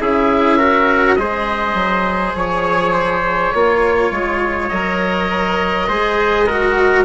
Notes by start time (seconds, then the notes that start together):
0.00 C#4 E4 G#4 E5
0.57 F#4 A#4
1.15 G#3 G#4 C5 D#5
1.74 F#3
2.35 F3 C#5
2.94 C5
3.53 A#3 F4 C#5
4.11 G#3
4.68 F#3 A#4 D#5
5.88 G#3 G#4 C5
6.47 F#4 A#4